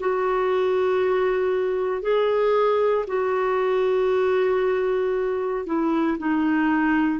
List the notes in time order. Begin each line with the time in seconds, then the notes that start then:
0.00 F#4
2.02 G#4
3.07 F#4
5.66 E4
6.18 D#4